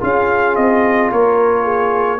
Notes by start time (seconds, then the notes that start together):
0.00 C#4 F4 G#4 F5
0.55 C4 D#5
1.11 A#3 A#4 C#5
1.63 G#4